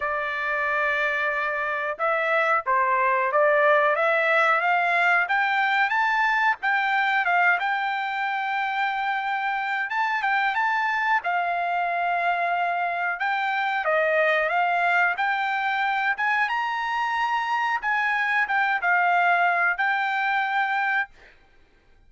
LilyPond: \new Staff \with { instrumentName = "trumpet" } { \time 4/4 \tempo 4 = 91 d''2. e''4 | c''4 d''4 e''4 f''4 | g''4 a''4 g''4 f''8 g''8~ | g''2. a''8 g''8 |
a''4 f''2. | g''4 dis''4 f''4 g''4~ | g''8 gis''8 ais''2 gis''4 | g''8 f''4. g''2 | }